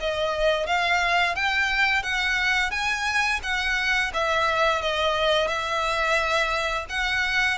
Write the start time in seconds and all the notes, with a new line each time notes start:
0.00 D#5
0.66 F5
1.35 G5
2.03 F#5
2.71 G#5
3.43 F#5
4.13 E5
4.82 D#5
5.48 E5
6.89 F#5